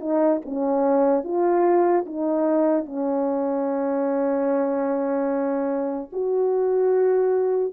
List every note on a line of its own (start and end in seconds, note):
0.00 0.41 D#4
0.45 1.24 C#4
1.24 2.05 F4
2.06 2.86 D#4
2.86 6.10 C#4
6.12 7.73 F#4